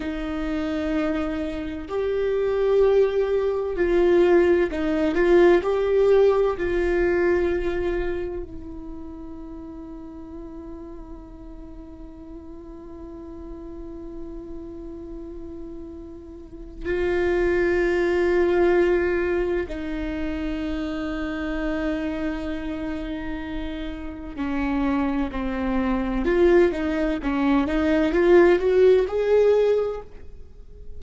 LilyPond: \new Staff \with { instrumentName = "viola" } { \time 4/4 \tempo 4 = 64 dis'2 g'2 | f'4 dis'8 f'8 g'4 f'4~ | f'4 e'2.~ | e'1~ |
e'2 f'2~ | f'4 dis'2.~ | dis'2 cis'4 c'4 | f'8 dis'8 cis'8 dis'8 f'8 fis'8 gis'4 | }